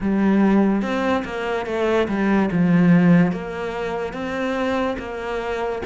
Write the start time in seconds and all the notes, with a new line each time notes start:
0.00 G3
0.81 C4
1.24 A#3
1.66 A3
2.08 G3
2.51 F3
3.31 A#3
4.12 C4
4.98 A#3